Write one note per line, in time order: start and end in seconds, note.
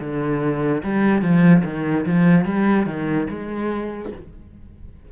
0.00 0.82 D3
0.83 1.22 G3
1.22 1.63 F3
1.64 2.05 D#3
2.06 2.45 F3
2.45 2.86 G3
2.86 3.27 D#3
3.30 4.12 G#3